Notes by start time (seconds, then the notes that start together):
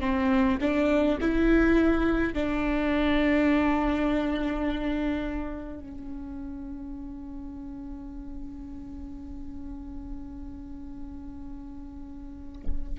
0.00 C4
0.61 D4
1.21 E4
2.33 D4
5.80 C#4